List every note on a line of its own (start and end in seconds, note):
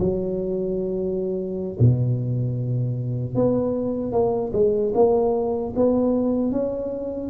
0.00 1.78 F#3
1.80 3.35 B2
3.35 4.13 B3
4.13 4.52 A#3
4.53 4.93 G#3
4.95 5.74 A#3
5.76 6.52 B3
6.52 7.31 C#4